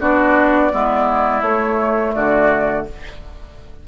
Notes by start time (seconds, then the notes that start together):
0.00 B3 D4 F#4 D5
0.70 G#3 B3 E4
1.41 A3 C#5
2.14 D3 F#4 D5